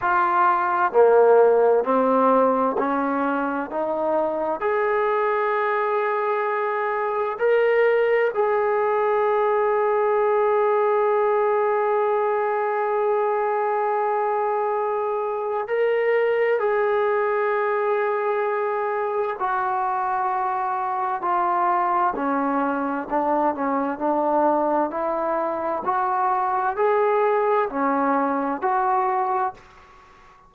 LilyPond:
\new Staff \with { instrumentName = "trombone" } { \time 4/4 \tempo 4 = 65 f'4 ais4 c'4 cis'4 | dis'4 gis'2. | ais'4 gis'2.~ | gis'1~ |
gis'4 ais'4 gis'2~ | gis'4 fis'2 f'4 | cis'4 d'8 cis'8 d'4 e'4 | fis'4 gis'4 cis'4 fis'4 | }